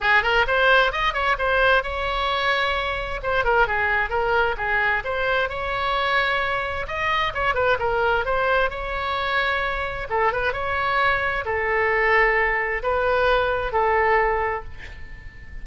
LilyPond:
\new Staff \with { instrumentName = "oboe" } { \time 4/4 \tempo 4 = 131 gis'8 ais'8 c''4 dis''8 cis''8 c''4 | cis''2. c''8 ais'8 | gis'4 ais'4 gis'4 c''4 | cis''2. dis''4 |
cis''8 b'8 ais'4 c''4 cis''4~ | cis''2 a'8 b'8 cis''4~ | cis''4 a'2. | b'2 a'2 | }